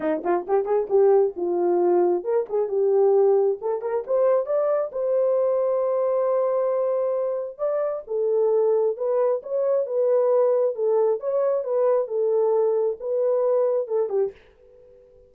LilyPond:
\new Staff \with { instrumentName = "horn" } { \time 4/4 \tempo 4 = 134 dis'8 f'8 g'8 gis'8 g'4 f'4~ | f'4 ais'8 gis'8 g'2 | a'8 ais'8 c''4 d''4 c''4~ | c''1~ |
c''4 d''4 a'2 | b'4 cis''4 b'2 | a'4 cis''4 b'4 a'4~ | a'4 b'2 a'8 g'8 | }